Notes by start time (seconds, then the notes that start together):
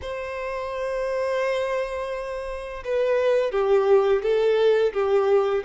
0.01 C5
2.84 B4
3.51 G4
4.22 A4
4.93 G4